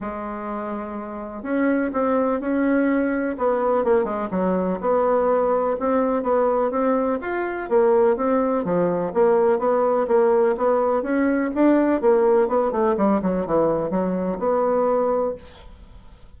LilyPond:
\new Staff \with { instrumentName = "bassoon" } { \time 4/4 \tempo 4 = 125 gis2. cis'4 | c'4 cis'2 b4 | ais8 gis8 fis4 b2 | c'4 b4 c'4 f'4 |
ais4 c'4 f4 ais4 | b4 ais4 b4 cis'4 | d'4 ais4 b8 a8 g8 fis8 | e4 fis4 b2 | }